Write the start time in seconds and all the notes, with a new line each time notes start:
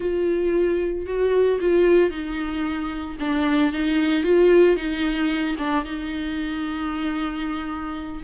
0.00 F4
1.06 F#4
1.60 F4
2.10 D#4
3.19 D4
3.72 D#4
4.23 F4
4.76 D#4
5.58 D4
5.84 D#4